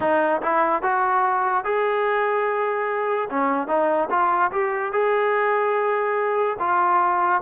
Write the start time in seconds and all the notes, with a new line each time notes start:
0.00 D#4
0.41 E4
0.82 F#4
1.64 G#4
3.30 C#4
3.67 D#4
4.10 F4
4.51 G4
4.92 G#4
6.59 F4